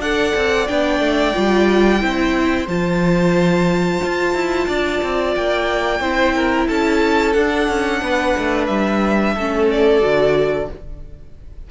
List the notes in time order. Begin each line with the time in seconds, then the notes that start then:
0.00 D4 A4 D5 F#5
0.36 C4
0.68 B3 D4 G5
1.00 A3
1.34 G3 F4
2.00 C4 E4 C5
2.67 F3 F4 A5
4.04 F4
4.35 E4
4.68 D4 D5
5.03 C4
5.36 A#3 G5
6.00 C4 E4 C5
6.35 A#4
6.68 C#4 A4 A5
7.33 D4 F#5
7.69 C#4
8.02 B3 B4
8.38 A3
8.67 G3 E5
9.35 A3 C#4 A4
9.71 D5
10.01 D3 F#4